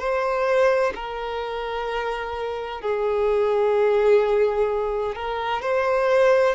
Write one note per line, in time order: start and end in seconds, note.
0.00 0.94 C5
0.95 2.82 A#4
2.82 5.16 G#4
5.16 5.62 A#4
5.62 6.56 C5